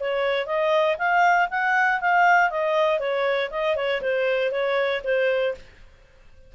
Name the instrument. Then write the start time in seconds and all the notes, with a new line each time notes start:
clarinet
0.00 C#5
0.47 D#5
0.99 F5
1.51 F#5
2.01 F5
2.51 D#5
3.00 C#5
3.51 D#5
3.76 C#5
4.02 C5
4.52 C#5
5.04 C5